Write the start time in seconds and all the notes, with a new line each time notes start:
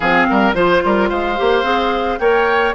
0.00 F3 C4 G#4 F5
0.29 G3 A#4
0.54 F3 F4 C5
0.84 G3 A#4
1.09 G#3 C5 F5
1.36 A#3 G4
1.62 C4 G#4
2.18 A#3 A#4 C#5 G5